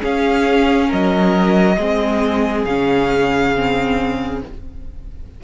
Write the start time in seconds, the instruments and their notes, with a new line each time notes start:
0.00 viola C#4, cello C#4, violin G#4 F5
0.88 cello F#3, violin A#4 D#5
1.78 cello G#3, viola C4, violin G#4
2.65 cello C#3, viola C#4, violin F5
3.55 viola C4